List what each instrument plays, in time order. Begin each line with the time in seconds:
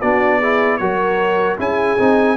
0.00 tuba B3, trombone D4, horn F#4, trumpet D5
0.39 trombone E4, horn G#4
0.77 tuba F#3, trombone F#4, horn A#4, trumpet C#5
1.58 tuba C#4, trombone E4, horn G#4, trumpet G#5
1.98 tuba C4, trombone D#4